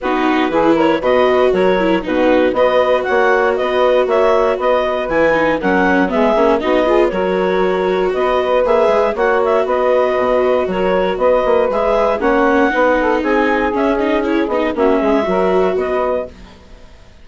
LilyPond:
<<
  \new Staff \with { instrumentName = "clarinet" } { \time 4/4 \tempo 4 = 118 b'4. cis''8 dis''4 cis''4 | b'4 dis''4 fis''4 dis''4 | e''4 dis''4 gis''4 fis''4 | e''4 dis''4 cis''2 |
dis''4 e''4 fis''8 e''8 dis''4~ | dis''4 cis''4 dis''4 e''4 | fis''2 gis''4 e''8 dis''8 | cis''8 dis''8 e''2 dis''4 | }
  \new Staff \with { instrumentName = "saxophone" } { \time 4/4 fis'4 gis'8 ais'8 b'4 ais'4 | fis'4 b'4 cis''4 b'4 | cis''4 b'2 ais'4 | gis'4 fis'8 gis'8 ais'2 |
b'2 cis''4 b'4~ | b'4 ais'4 b'2 | cis''4 b'8 a'8 gis'2~ | gis'4 fis'8 gis'8 ais'4 b'4 | }
  \new Staff \with { instrumentName = "viola" } { \time 4/4 dis'4 e'4 fis'4. e'8 | dis'4 fis'2.~ | fis'2 e'8 dis'8 cis'4 | b8 cis'8 dis'8 f'8 fis'2~ |
fis'4 gis'4 fis'2~ | fis'2. gis'4 | cis'4 dis'2 cis'8 dis'8 | e'8 dis'8 cis'4 fis'2 | }
  \new Staff \with { instrumentName = "bassoon" } { \time 4/4 b4 e4 b,4 fis4 | b,4 b4 ais4 b4 | ais4 b4 e4 fis4 | gis8 ais8 b4 fis2 |
b4 ais8 gis8 ais4 b4 | b,4 fis4 b8 ais8 gis4 | ais4 b4 c'4 cis'4~ | cis'8 b8 ais8 gis8 fis4 b4 | }
>>